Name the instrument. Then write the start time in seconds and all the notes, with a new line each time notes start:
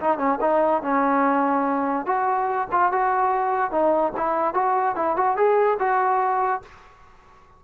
trombone
0.00 D#4
0.18 C#4
0.41 D#4
0.82 C#4
2.06 F#4
2.71 F4
2.92 F#4
3.71 D#4
4.16 E4
4.54 F#4
4.95 E4
5.16 F#4
5.36 G#4
5.79 F#4